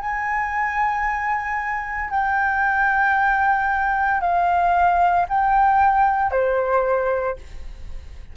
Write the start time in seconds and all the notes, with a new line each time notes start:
0.00 G#5
2.11 G5
4.21 F5
5.29 G5
6.31 C5